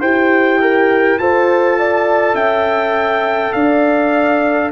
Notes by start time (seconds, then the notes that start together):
0.00 E4 G4 C5 G5
0.61 A#4
1.19 F4 A4 C5 A5
1.78 D5
2.34 C#4 E5 G5
3.52 D4 D5 F5